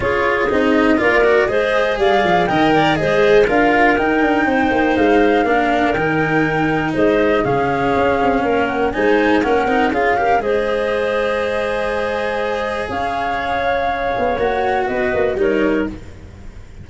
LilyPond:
<<
  \new Staff \with { instrumentName = "flute" } { \time 4/4 \tempo 4 = 121 cis''4 dis''4 d''4 dis''4 | f''4 g''4 dis''4 f''4 | g''2 f''2 | g''2 dis''4 f''4~ |
f''4. fis''8 gis''4 fis''4 | f''4 dis''2.~ | dis''2 f''2~ | f''4 fis''4 dis''4 cis''4 | }
  \new Staff \with { instrumentName = "clarinet" } { \time 4/4 gis'2 ais'4 c''4 | d''4 dis''8 d''8 c''4 ais'4~ | ais'4 c''2 ais'4~ | ais'2 c''4 gis'4~ |
gis'4 ais'4 c''4 ais'4 | gis'8 ais'8 c''2.~ | c''2 cis''2~ | cis''2 b'4 ais'4 | }
  \new Staff \with { instrumentName = "cello" } { \time 4/4 f'4 dis'4 f'8 fis'8 gis'4~ | gis'4 ais'4 gis'4 f'4 | dis'2. d'4 | dis'2. cis'4~ |
cis'2 dis'4 cis'8 dis'8 | f'8 g'8 gis'2.~ | gis'1~ | gis'4 fis'2 dis'4 | }
  \new Staff \with { instrumentName = "tuba" } { \time 4/4 cis'4 c'4 ais4 gis4 | g8 f8 dis4 gis4 d'4 | dis'8 d'8 c'8 ais8 gis4 ais4 | dis2 gis4 cis4 |
cis'8 c'8 ais4 gis4 ais8 c'8 | cis'4 gis2.~ | gis2 cis'2~ | cis'8 b8 ais4 b8 ais8 g4 | }
>>